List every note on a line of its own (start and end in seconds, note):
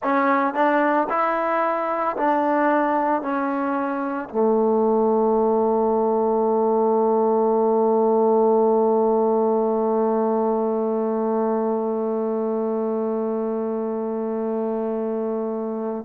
0.03 0.54 C#4
0.54 1.07 D4
1.09 2.16 E4
2.16 3.21 D4
3.21 4.29 C#4
4.29 16.05 A3